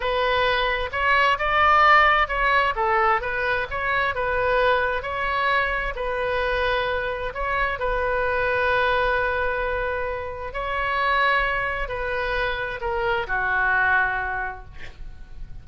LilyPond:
\new Staff \with { instrumentName = "oboe" } { \time 4/4 \tempo 4 = 131 b'2 cis''4 d''4~ | d''4 cis''4 a'4 b'4 | cis''4 b'2 cis''4~ | cis''4 b'2. |
cis''4 b'2.~ | b'2. cis''4~ | cis''2 b'2 | ais'4 fis'2. | }